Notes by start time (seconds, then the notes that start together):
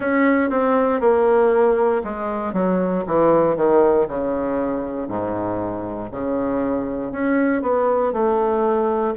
0.00 C#4
0.50 C4
1.00 A#3
2.03 G#3
2.53 F#3
3.06 E3
3.56 D#3
4.07 C#3
5.08 G#2
6.11 C#3
7.12 C#4
7.62 B3
8.12 A3